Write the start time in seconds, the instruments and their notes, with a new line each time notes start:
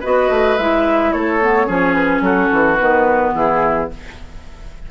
0.00 bassoon B3, clarinet F#4, oboe B4, flute D#5
0.29 bassoon A3
0.57 bassoon G#3, clarinet E4, flute E5
1.12 bassoon A3, oboe A4, flute C#5
1.41 clarinet B3
1.66 bassoon F3, clarinet C#4, oboe G#4
1.94 flute B4
2.21 bassoon F#3, oboe F#4, flute A4
2.52 bassoon E3
2.77 bassoon D#3, clarinet B3, flute B4
3.34 bassoon E3, oboe E4, flute G#4